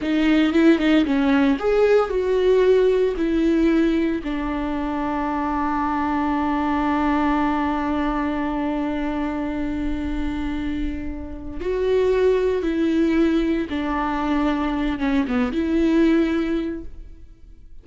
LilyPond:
\new Staff \with { instrumentName = "viola" } { \time 4/4 \tempo 4 = 114 dis'4 e'8 dis'8 cis'4 gis'4 | fis'2 e'2 | d'1~ | d'1~ |
d'1~ | d'2 fis'2 | e'2 d'2~ | d'8 cis'8 b8 e'2~ e'8 | }